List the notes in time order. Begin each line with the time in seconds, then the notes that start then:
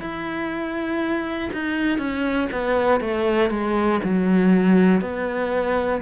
0.00 E4
1.53 D#4
1.98 C#4
2.51 B3
3.00 A3
3.50 G#3
4.04 F#3
5.01 B3